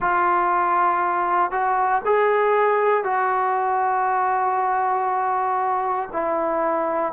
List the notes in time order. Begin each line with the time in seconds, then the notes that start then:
0.00 F4
1.51 F#4
2.05 G#4
3.04 F#4
6.12 E4